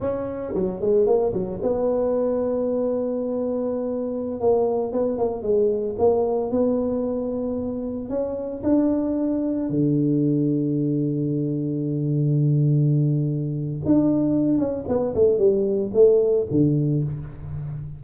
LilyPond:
\new Staff \with { instrumentName = "tuba" } { \time 4/4 \tempo 4 = 113 cis'4 fis8 gis8 ais8 fis8 b4~ | b1~ | b16 ais4 b8 ais8 gis4 ais8.~ | ais16 b2. cis'8.~ |
cis'16 d'2 d4.~ d16~ | d1~ | d2 d'4. cis'8 | b8 a8 g4 a4 d4 | }